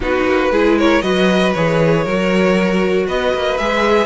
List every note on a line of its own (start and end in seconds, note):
0.00 0.24 B3
0.00 0.52 D#4
0.00 0.51 F#4
0.00 0.78 B4
0.25 0.50 A#3
0.50 1.01 G#3
0.50 1.02 E4
0.50 0.77 G#4
0.78 1.02 A#4
0.78 1.01 C#5
1.01 1.54 F#3
1.01 1.53 F#4
1.01 2.03 B4
1.01 1.52 D#5
1.54 2.05 E3
1.54 2.08 G#4
1.54 3.07 C#5
2.03 3.07 F#3
2.03 3.58 F#4
2.03 3.06 A#4
3.06 3.33 B3
3.06 4.06 B4
3.06 3.57 D#5
3.33 3.59 A#3
3.57 4.06 G#3
3.57 4.06 G#4
3.57 4.06 E5